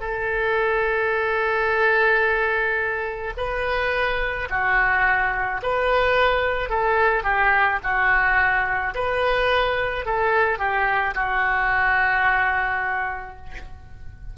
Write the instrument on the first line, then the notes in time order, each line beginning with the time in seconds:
oboe
0.00 A4
3.37 B4
4.50 F#4
5.62 B4
6.69 A4
7.23 G4
7.83 F#4
8.94 B4
10.05 A4
10.59 G4
11.15 F#4